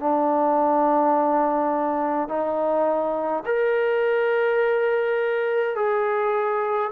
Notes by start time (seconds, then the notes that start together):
0.00 D4
2.29 D#4
3.46 A#4
5.76 G#4